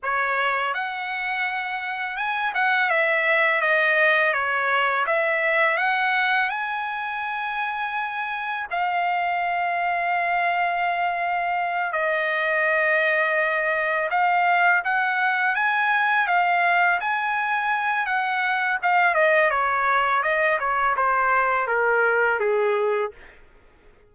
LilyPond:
\new Staff \with { instrumentName = "trumpet" } { \time 4/4 \tempo 4 = 83 cis''4 fis''2 gis''8 fis''8 | e''4 dis''4 cis''4 e''4 | fis''4 gis''2. | f''1~ |
f''8 dis''2. f''8~ | f''8 fis''4 gis''4 f''4 gis''8~ | gis''4 fis''4 f''8 dis''8 cis''4 | dis''8 cis''8 c''4 ais'4 gis'4 | }